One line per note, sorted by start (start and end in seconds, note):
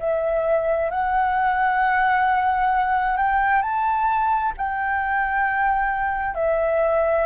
0.00 0.91 E5
0.91 3.18 F#5
3.18 3.62 G5
3.62 4.53 A5
4.57 6.35 G5
6.35 7.26 E5